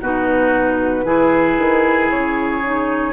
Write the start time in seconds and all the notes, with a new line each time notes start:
0.00 B2 D#4 F#4 B4
1.05 E3 E4 G#4
1.58 D#3
2.11 C#3 C#5
2.63 D#4